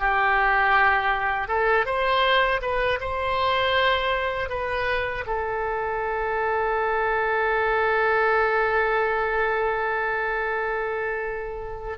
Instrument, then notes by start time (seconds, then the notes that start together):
oboe
0.00 G4
1.48 A4
1.86 C5
2.62 B4
3.01 C5
4.50 B4
5.27 A4